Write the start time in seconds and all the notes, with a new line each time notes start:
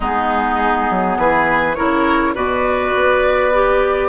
0.00 G#3 B3 D#4 G#4
0.90 F#3
1.17 E3 G#4 B4
1.75 C#3 E4 A#4 C#5
2.34 B2 F#4 B4 D5
2.95 B3
3.53 G4